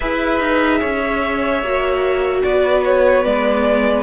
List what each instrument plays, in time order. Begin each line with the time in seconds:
0.00 cello E4, viola G#4, violin B4 E5
0.40 cello D#4
0.79 cello C#4, violin C#5
1.62 cello A#3, viola F#4
2.43 cello B3, violin B4 D5
2.84 violin C#5
3.23 cello G#3, viola B3, violin D5